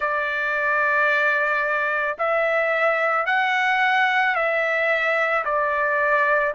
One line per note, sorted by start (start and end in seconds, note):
0.00 2.16 D5
2.18 3.26 E5
3.26 4.35 F#5
4.35 5.44 E5
5.44 6.54 D5